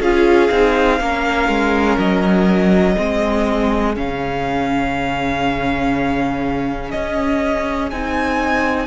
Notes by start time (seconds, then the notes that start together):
0.00 C#4 F4 G#4 F5
0.50 C4 D#4
1.00 A#3 C#4 A#4
1.48 G#3
1.97 F#3 D#5
2.95 G#3 C4 G#4
3.95 C#3 C#4 F5
6.91 C#4 D#5
7.90 C4 D#4 G#5